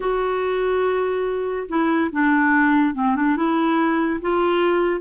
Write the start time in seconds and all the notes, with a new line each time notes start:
0.00 F#4
1.68 E4
2.12 D4
2.94 C4
3.15 D4
3.36 E4
4.21 F4